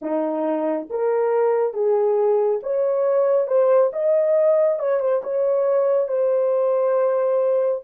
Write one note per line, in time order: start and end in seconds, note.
0.01 0.88 D#4
0.89 1.73 A#4
1.73 2.60 G#4
2.62 3.47 C#5
3.47 3.91 C5
3.92 4.79 D#5
4.79 5.00 C#5
5.00 5.21 C5
5.23 6.08 C#5
6.08 7.81 C5